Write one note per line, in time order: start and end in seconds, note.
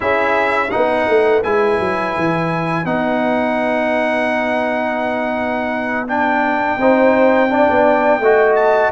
0.00 0.72 C#4
0.00 0.68 E4
0.00 0.70 G#4
0.00 0.70 E5
0.70 1.07 B3
0.70 1.43 D#4
0.70 6.77 B4
0.70 1.42 F#5
1.07 1.43 A3
1.43 1.79 G#3
1.43 2.85 E4
1.43 2.85 G#5
1.79 2.15 F#3
2.17 2.85 E3
2.85 6.77 B3
2.85 6.07 D#4
2.85 6.07 F#5
6.07 6.79 D4
6.07 8.55 G5
6.77 7.66 C4
6.77 7.49 D#4
6.77 7.49 C5
7.49 8.21 D4
7.49 8.22 D5
7.70 8.19 B3
8.19 8.90 A3
8.19 8.91 F#4
8.19 8.91 D#5
8.55 8.91 A5